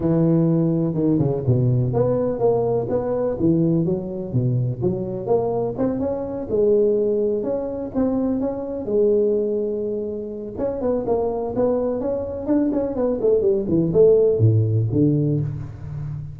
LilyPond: \new Staff \with { instrumentName = "tuba" } { \time 4/4 \tempo 4 = 125 e2 dis8 cis8 b,4 | b4 ais4 b4 e4 | fis4 b,4 fis4 ais4 | c'8 cis'4 gis2 cis'8~ |
cis'8 c'4 cis'4 gis4.~ | gis2 cis'8 b8 ais4 | b4 cis'4 d'8 cis'8 b8 a8 | g8 e8 a4 a,4 d4 | }